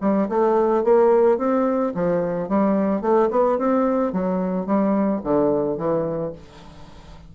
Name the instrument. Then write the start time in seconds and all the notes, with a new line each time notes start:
bassoon
0.00 G3
0.29 A3
0.84 A#3
1.37 C4
1.94 F3
2.48 G3
3.01 A3
3.30 B3
3.58 C4
4.12 F#3
4.66 G3
5.24 D3
5.77 E3